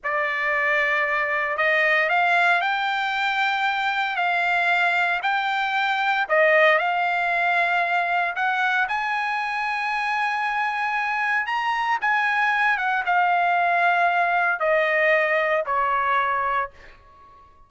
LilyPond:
\new Staff \with { instrumentName = "trumpet" } { \time 4/4 \tempo 4 = 115 d''2. dis''4 | f''4 g''2. | f''2 g''2 | dis''4 f''2. |
fis''4 gis''2.~ | gis''2 ais''4 gis''4~ | gis''8 fis''8 f''2. | dis''2 cis''2 | }